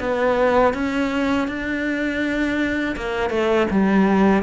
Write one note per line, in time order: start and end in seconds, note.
0.00 0.74 B3
0.74 1.48 C#4
1.48 2.96 D4
2.96 3.30 A#3
3.30 3.67 A3
3.71 4.43 G3